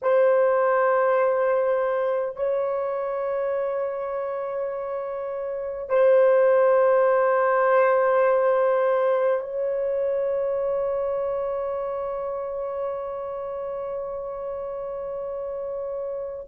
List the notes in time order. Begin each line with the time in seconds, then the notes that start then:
0.02 C5
2.36 C#5
5.89 C5
9.41 C#5